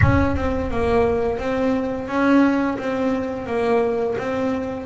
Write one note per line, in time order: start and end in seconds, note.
0.01 0.36 C#4
0.36 0.70 C4
0.70 1.38 A#3
1.38 2.07 C4
2.07 2.77 C#4
2.78 3.46 C4
3.46 4.16 A#3
4.18 4.86 C4